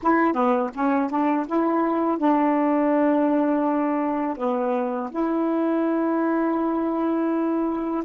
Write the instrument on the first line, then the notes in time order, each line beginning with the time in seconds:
saxophone
0.02 E4
0.33 B3
0.74 C#4
1.09 D4
1.46 E4
2.18 D4
4.36 B3
5.11 E4